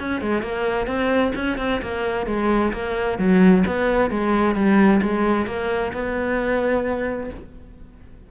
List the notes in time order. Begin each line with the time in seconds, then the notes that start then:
0.00 C#4
0.22 G#3
0.43 A#3
0.87 C4
1.36 C#4
1.59 C4
1.82 A#3
2.27 G#3
2.73 A#3
3.19 F#3
3.67 B3
4.11 G#3
4.56 G3
5.03 G#3
5.47 A#3
5.94 B3